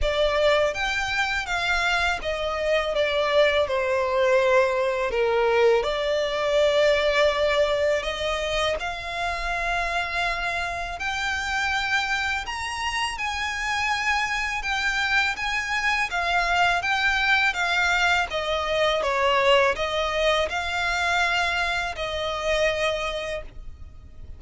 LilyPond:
\new Staff \with { instrumentName = "violin" } { \time 4/4 \tempo 4 = 82 d''4 g''4 f''4 dis''4 | d''4 c''2 ais'4 | d''2. dis''4 | f''2. g''4~ |
g''4 ais''4 gis''2 | g''4 gis''4 f''4 g''4 | f''4 dis''4 cis''4 dis''4 | f''2 dis''2 | }